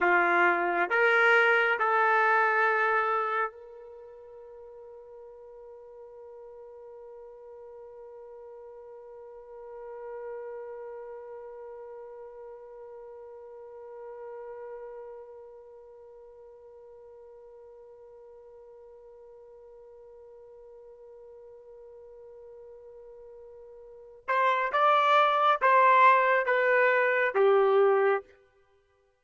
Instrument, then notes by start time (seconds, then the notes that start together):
trumpet
0.00 F4
0.89 A#4
1.79 A4
3.51 A#4
24.28 C5
24.72 D5
25.61 C5
26.45 B4
27.34 G4